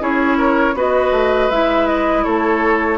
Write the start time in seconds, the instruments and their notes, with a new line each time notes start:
0.00 bassoon C#4, clarinet E4, oboe G#4, flute C#5
0.38 oboe A#4
0.75 bassoon B3, clarinet F#4, oboe B4, flute D#5
1.12 bassoon A3
1.50 bassoon G#3, clarinet E4, flute E5
1.87 flute D#5
2.24 bassoon A3, oboe A4, flute C#5